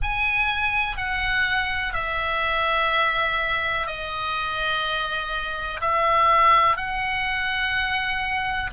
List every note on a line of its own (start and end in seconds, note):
0.02 0.97 G#5
0.97 1.93 F#5
1.93 3.86 E5
3.86 5.80 D#5
5.80 6.77 E5
6.77 8.70 F#5